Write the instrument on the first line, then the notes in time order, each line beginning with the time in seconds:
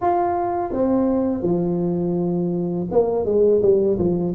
tuba
0.01 F4
0.72 C4
1.42 F3
2.91 A#3
3.25 G#3
3.61 G3
3.98 F3